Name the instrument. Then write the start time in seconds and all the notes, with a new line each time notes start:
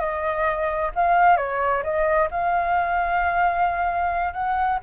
flute
0.00 D#5
0.96 F5
1.37 C#5
1.84 D#5
2.32 F5
4.34 F#5